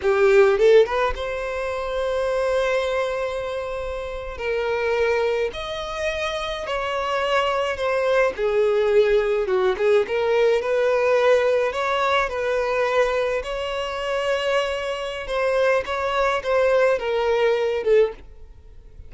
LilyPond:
\new Staff \with { instrumentName = "violin" } { \time 4/4 \tempo 4 = 106 g'4 a'8 b'8 c''2~ | c''2.~ c''8. ais'16~ | ais'4.~ ais'16 dis''2 cis''16~ | cis''4.~ cis''16 c''4 gis'4~ gis'16~ |
gis'8. fis'8 gis'8 ais'4 b'4~ b'16~ | b'8. cis''4 b'2 cis''16~ | cis''2. c''4 | cis''4 c''4 ais'4. a'8 | }